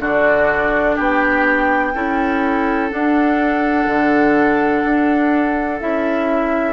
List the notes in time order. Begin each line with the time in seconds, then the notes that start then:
0.00 D3 D4 F#4 D5
0.95 B3 G4 G5
1.94 C#4 E4 A4
2.90 D4 F#5
3.87 D3
4.84 D4
5.80 C#4 E4 E5